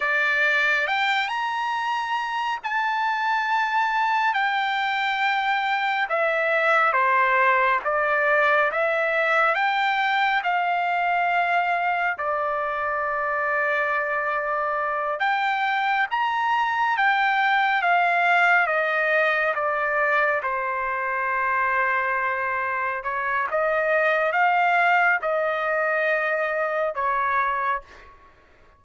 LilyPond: \new Staff \with { instrumentName = "trumpet" } { \time 4/4 \tempo 4 = 69 d''4 g''8 ais''4. a''4~ | a''4 g''2 e''4 | c''4 d''4 e''4 g''4 | f''2 d''2~ |
d''4. g''4 ais''4 g''8~ | g''8 f''4 dis''4 d''4 c''8~ | c''2~ c''8 cis''8 dis''4 | f''4 dis''2 cis''4 | }